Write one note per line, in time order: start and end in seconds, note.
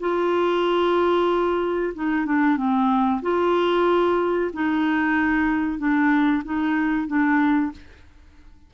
0.00 1.94 F4
1.94 2.26 D#4
2.26 2.57 D4
2.57 3.21 C4
3.22 4.51 F4
4.53 5.78 D#4
5.78 6.43 D4
6.44 7.07 D#4
7.07 7.72 D4